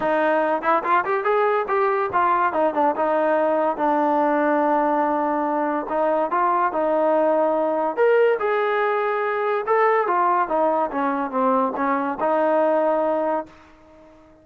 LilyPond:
\new Staff \with { instrumentName = "trombone" } { \time 4/4 \tempo 4 = 143 dis'4. e'8 f'8 g'8 gis'4 | g'4 f'4 dis'8 d'8 dis'4~ | dis'4 d'2.~ | d'2 dis'4 f'4 |
dis'2. ais'4 | gis'2. a'4 | f'4 dis'4 cis'4 c'4 | cis'4 dis'2. | }